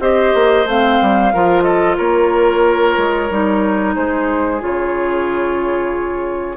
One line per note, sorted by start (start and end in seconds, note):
0.00 0.33 C4
0.00 0.66 G4
0.00 1.33 C5
0.00 0.67 D#5
0.34 0.65 A#3
0.65 0.98 A3
0.65 1.33 C4
0.65 1.62 F5
1.02 1.34 G3
1.33 1.99 F3
1.33 3.30 F4
1.33 1.63 A#4
1.62 1.96 A4
1.62 1.95 D#5
1.97 2.97 A#3
1.97 3.95 A#4
1.97 3.95 C#5
2.97 3.30 G#3
3.30 3.96 G3
3.30 4.59 D#4
3.95 4.62 G#3
3.95 6.56 G#4
3.95 4.61 C5
4.59 6.56 C#3
4.59 6.56 F4
4.59 6.56 C#5